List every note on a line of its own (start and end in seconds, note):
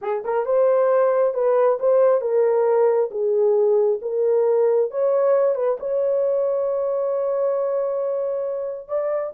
0.01 0.23 G#4
0.24 0.45 A#4
0.45 1.33 C5
1.33 1.78 B4
1.79 2.21 C5
2.21 3.10 A#4
3.10 3.99 G#4
4.01 4.90 A#4
4.91 5.55 C#5
5.55 5.77 B4
5.79 8.88 C#5
8.88 9.32 D5